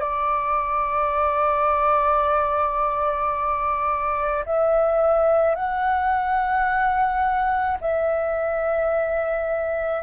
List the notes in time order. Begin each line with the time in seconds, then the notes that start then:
0.00 D5
4.46 E5
5.55 F#5
7.81 E5